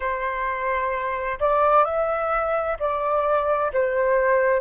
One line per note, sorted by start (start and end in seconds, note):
0.00 1.38 C5
1.39 1.85 D5
1.85 2.77 E5
2.79 3.71 D5
3.73 4.60 C5